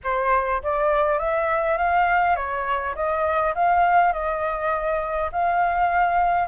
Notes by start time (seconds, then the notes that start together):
0.03 C5
0.63 D5
1.18 E5
1.77 F5
2.36 C#5
2.95 D#5
3.54 F5
4.13 D#5
5.32 F5